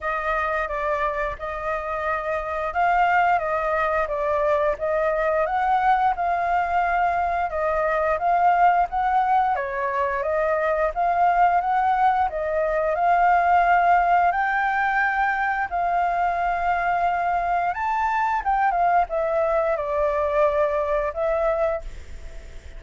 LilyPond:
\new Staff \with { instrumentName = "flute" } { \time 4/4 \tempo 4 = 88 dis''4 d''4 dis''2 | f''4 dis''4 d''4 dis''4 | fis''4 f''2 dis''4 | f''4 fis''4 cis''4 dis''4 |
f''4 fis''4 dis''4 f''4~ | f''4 g''2 f''4~ | f''2 a''4 g''8 f''8 | e''4 d''2 e''4 | }